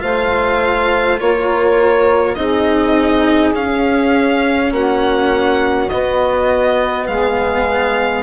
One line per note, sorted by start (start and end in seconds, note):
0.00 1.21 A3
0.00 2.35 F4
0.00 1.20 C5
0.00 1.19 F5
1.20 2.37 A#3
1.20 2.37 A#4
1.20 2.35 C#5
2.35 3.53 C4
2.35 3.54 D#4
2.35 4.71 G#4
2.35 3.53 D#5
3.53 4.71 C#4
3.53 5.89 C#4
3.53 4.73 F5
4.71 5.89 A#3
4.71 7.07 F#4
4.71 5.89 F#5
5.89 8.23 B3
5.89 7.08 B3
5.89 7.07 D#5
7.07 8.23 G#3
7.07 8.23 G#4
7.07 8.23 F5